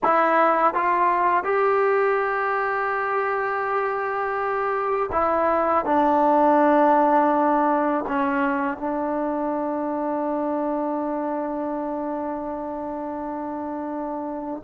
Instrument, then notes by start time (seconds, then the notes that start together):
trombone
0.03 E4
0.74 F4
1.44 G4
5.12 E4
5.85 D4
8.07 C#4
8.77 D4